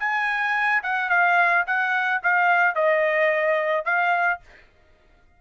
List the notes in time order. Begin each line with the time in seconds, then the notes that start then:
0.00 G#5
0.84 F#5
1.10 F5
1.67 F#5
2.23 F5
2.75 D#5
3.86 F5